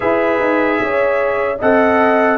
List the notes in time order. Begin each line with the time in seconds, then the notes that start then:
0.00 E4 G#4 B4 E5
0.40 D#4
0.81 C#4 C#5
1.59 C4 A4 D#5 F#5